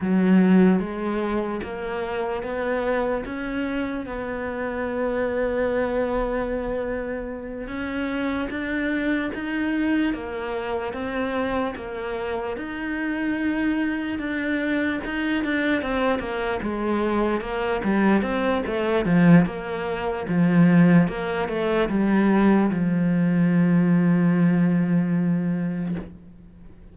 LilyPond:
\new Staff \with { instrumentName = "cello" } { \time 4/4 \tempo 4 = 74 fis4 gis4 ais4 b4 | cis'4 b2.~ | b4. cis'4 d'4 dis'8~ | dis'8 ais4 c'4 ais4 dis'8~ |
dis'4. d'4 dis'8 d'8 c'8 | ais8 gis4 ais8 g8 c'8 a8 f8 | ais4 f4 ais8 a8 g4 | f1 | }